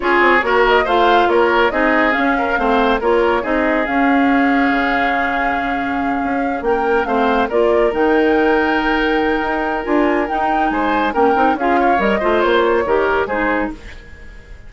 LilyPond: <<
  \new Staff \with { instrumentName = "flute" } { \time 4/4 \tempo 4 = 140 cis''4. dis''8 f''4 cis''4 | dis''4 f''2 cis''4 | dis''4 f''2.~ | f''2.~ f''8 g''8~ |
g''8 f''4 d''4 g''4.~ | g''2. gis''4 | g''4 gis''4 g''4 f''4 | dis''4 cis''2 c''4 | }
  \new Staff \with { instrumentName = "oboe" } { \time 4/4 gis'4 ais'4 c''4 ais'4 | gis'4. ais'8 c''4 ais'4 | gis'1~ | gis'2.~ gis'8 ais'8~ |
ais'8 c''4 ais'2~ ais'8~ | ais'1~ | ais'4 c''4 ais'4 gis'8 cis''8~ | cis''8 c''4. ais'4 gis'4 | }
  \new Staff \with { instrumentName = "clarinet" } { \time 4/4 f'4 fis'4 f'2 | dis'4 cis'4 c'4 f'4 | dis'4 cis'2.~ | cis'1~ |
cis'8 c'4 f'4 dis'4.~ | dis'2. f'4 | dis'2 cis'8 dis'8 f'4 | ais'8 f'4. g'4 dis'4 | }
  \new Staff \with { instrumentName = "bassoon" } { \time 4/4 cis'8 c'8 ais4 a4 ais4 | c'4 cis'4 a4 ais4 | c'4 cis'2 cis4~ | cis2~ cis8 cis'4 ais8~ |
ais8 a4 ais4 dis4.~ | dis2 dis'4 d'4 | dis'4 gis4 ais8 c'8 cis'4 | g8 a8 ais4 dis4 gis4 | }
>>